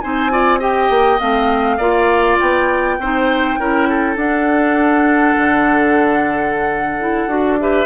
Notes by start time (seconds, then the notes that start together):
0.00 C4 D#4 C5 G#5
0.30 F4 D5
0.59 G4 D#5 G5
0.89 A#3
1.19 A3 C4 F5
1.77 A#3 F4 D5
2.39 B3 G5
2.98 C4 D#4 C5
3.58 C#4 E4 A#4
3.89 A4
4.16 D4 F#5
5.37 D3
7.00 E4
7.26 D4 F#4
7.59 G4 B4 E5